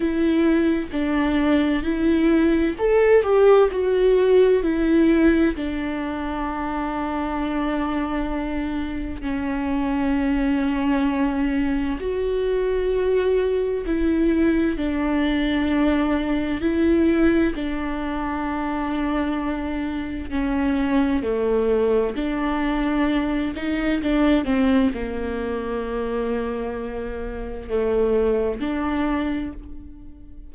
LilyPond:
\new Staff \with { instrumentName = "viola" } { \time 4/4 \tempo 4 = 65 e'4 d'4 e'4 a'8 g'8 | fis'4 e'4 d'2~ | d'2 cis'2~ | cis'4 fis'2 e'4 |
d'2 e'4 d'4~ | d'2 cis'4 a4 | d'4. dis'8 d'8 c'8 ais4~ | ais2 a4 d'4 | }